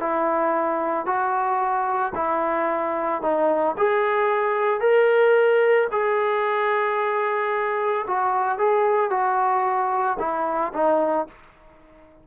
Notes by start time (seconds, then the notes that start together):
0.00 E4
1.06 F#4
2.15 E4
3.22 D#4
3.77 G#4
4.80 A#4
5.91 G#4
8.07 F#4
8.58 G#4
9.10 F#4
10.19 E4
10.73 D#4